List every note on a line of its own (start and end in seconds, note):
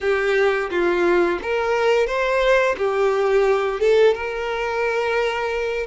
0.01 0.70 G4
0.70 1.39 F4
1.42 2.06 A#4
2.06 2.75 C5
2.77 3.80 G4
3.80 4.14 A4
4.14 5.87 A#4